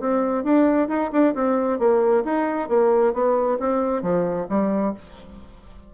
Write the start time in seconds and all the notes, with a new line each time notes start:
0.00 C4
0.44 D4
0.89 D#4
1.12 D4
1.35 C4
1.79 A#3
2.25 D#4
2.69 A#3
3.14 B3
3.59 C4
4.03 F3
4.49 G3